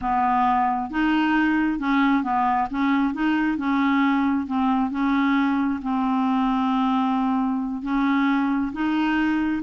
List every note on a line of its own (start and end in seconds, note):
0.01 0.90 B3
0.90 1.79 D#4
1.79 2.23 C#4
2.23 2.68 B3
2.70 3.14 C#4
3.14 3.57 D#4
3.57 4.46 C#4
4.46 4.91 C4
4.91 5.80 C#4
5.81 7.82 C4
7.82 8.72 C#4
8.73 9.62 D#4